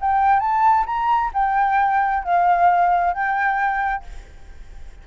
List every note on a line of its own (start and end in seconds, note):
0.00 0.39 G5
0.39 0.84 A5
0.86 1.31 A#5
1.33 2.23 G5
2.23 3.13 F5
3.13 4.03 G5